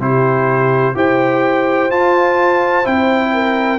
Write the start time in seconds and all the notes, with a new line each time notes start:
0.00 C3 E4 G4 C5
0.95 E4 G4 C5 G5
1.90 F4 A5
2.84 C4 E4 G5
3.34 A#4